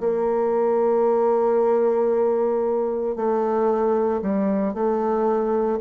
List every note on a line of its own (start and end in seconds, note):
0.00 3.16 A#3
3.16 4.21 A3
4.22 4.74 G3
4.74 5.79 A3